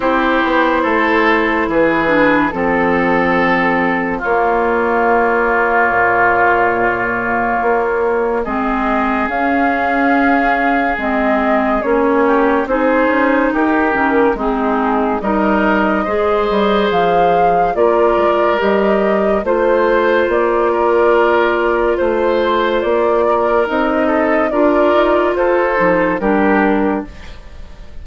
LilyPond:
<<
  \new Staff \with { instrumentName = "flute" } { \time 4/4 \tempo 4 = 71 c''2 b'4 a'4~ | a'4 cis''2.~ | cis''2 dis''4 f''4~ | f''4 dis''4 cis''4 c''4 |
ais'4 gis'4 dis''2 | f''4 d''4 dis''4 c''4 | d''2 c''4 d''4 | dis''4 d''4 c''4 ais'4 | }
  \new Staff \with { instrumentName = "oboe" } { \time 4/4 g'4 a'4 gis'4 a'4~ | a'4 f'2.~ | f'2 gis'2~ | gis'2~ gis'8 g'8 gis'4 |
g'4 dis'4 ais'4 c''4~ | c''4 ais'2 c''4~ | c''8 ais'4. c''4. ais'8~ | ais'8 a'8 ais'4 a'4 g'4 | }
  \new Staff \with { instrumentName = "clarinet" } { \time 4/4 e'2~ e'8 d'8 c'4~ | c'4 ais2.~ | ais2 c'4 cis'4~ | cis'4 c'4 cis'4 dis'4~ |
dis'8 cis'8 c'4 dis'4 gis'4~ | gis'4 f'4 g'4 f'4~ | f'1 | dis'4 f'4. dis'8 d'4 | }
  \new Staff \with { instrumentName = "bassoon" } { \time 4/4 c'8 b8 a4 e4 f4~ | f4 ais2 ais,4~ | ais,4 ais4 gis4 cis'4~ | cis'4 gis4 ais4 c'8 cis'8 |
dis'8 dis8 gis4 g4 gis8 g8 | f4 ais8 gis8 g4 a4 | ais2 a4 ais4 | c'4 d'8 dis'8 f'8 f8 g4 | }
>>